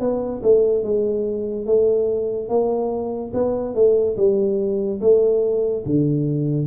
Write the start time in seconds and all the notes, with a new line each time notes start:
0.00 B3
0.42 A3
0.84 G#3
1.66 A3
2.49 A#3
3.34 B3
3.75 A3
4.17 G3
5.00 A3
5.85 D3